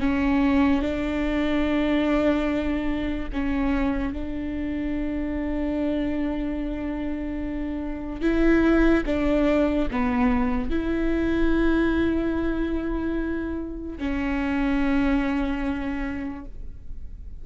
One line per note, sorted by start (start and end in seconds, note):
0.00 0.81 C#4
0.81 3.28 D4
3.33 4.12 C#4
4.12 8.21 D4
8.21 9.03 E4
9.06 9.88 D4
9.91 10.70 B3
10.70 13.98 E4
13.98 16.45 C#4